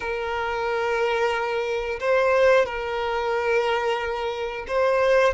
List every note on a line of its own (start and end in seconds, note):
0.00 1.99 A#4
2.00 2.65 C5
2.65 4.65 A#4
4.67 5.34 C5